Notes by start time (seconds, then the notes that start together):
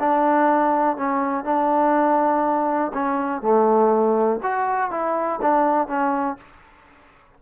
0.00 D4
0.97 C#4
1.45 D4
2.94 C#4
3.42 A3
4.43 F#4
4.91 E4
5.42 D4
5.88 C#4